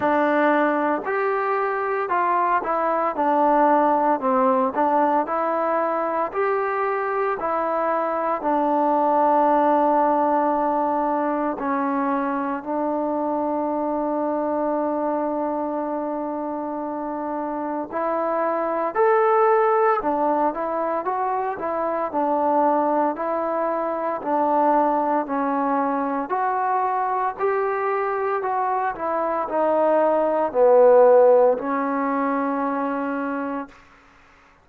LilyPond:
\new Staff \with { instrumentName = "trombone" } { \time 4/4 \tempo 4 = 57 d'4 g'4 f'8 e'8 d'4 | c'8 d'8 e'4 g'4 e'4 | d'2. cis'4 | d'1~ |
d'4 e'4 a'4 d'8 e'8 | fis'8 e'8 d'4 e'4 d'4 | cis'4 fis'4 g'4 fis'8 e'8 | dis'4 b4 cis'2 | }